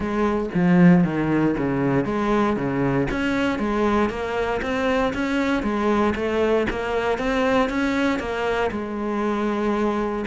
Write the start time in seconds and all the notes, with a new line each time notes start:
0.00 G#3
0.54 F3
1.04 D#3
1.57 C#3
2.05 G#3
2.56 C#3
3.10 C#4
3.59 G#3
4.09 A#3
4.62 C4
5.13 C#4
5.62 G#3
6.15 A3
6.70 A#3
7.18 C4
7.69 C#4
8.19 A#3
8.71 G#3